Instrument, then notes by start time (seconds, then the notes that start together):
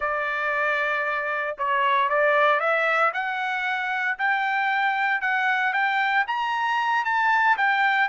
trumpet
0.00 D5
1.57 C#5
2.09 D5
2.59 E5
3.13 F#5
4.18 G5
5.21 F#5
5.73 G5
6.27 A#5
7.04 A5
7.57 G5